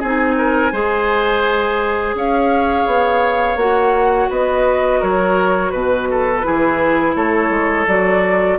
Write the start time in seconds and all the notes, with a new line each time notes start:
0.00 C4 D#4 G#4 G#5
0.38 A#4
0.72 G#3 G#4 C5
2.14 C#4 C#5 F5
2.86 B3
3.56 A#3 F#4 F#5
4.29 B3 B4 D#5
5.00 F#3 A#4 C#5
5.70 B2 B4
6.11 A4
6.43 E3 E4 G#4
7.16 A3 A4 C#5
7.50 G#3
7.87 F#3 F#4 D5